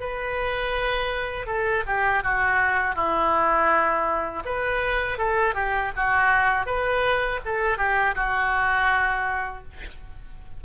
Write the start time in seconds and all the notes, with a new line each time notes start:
0.00 B4
1.46 A4
1.87 G4
2.23 F#4
2.95 E4
4.45 B4
5.18 A4
5.55 G4
5.96 F#4
6.66 B4
7.45 A4
7.78 G4
8.15 F#4